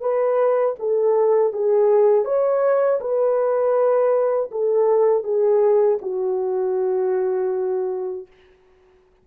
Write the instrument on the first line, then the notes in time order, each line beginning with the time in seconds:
horn
0.00 B4
0.79 A4
1.52 G#4
2.24 C#5
3.00 B4
4.51 A4
5.23 G#4
6.01 F#4